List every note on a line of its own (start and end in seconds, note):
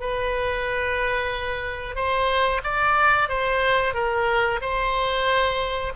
0.00 1.96 B4
1.96 2.62 C5
2.64 3.29 D5
3.29 3.94 C5
3.94 4.60 A#4
4.61 5.93 C5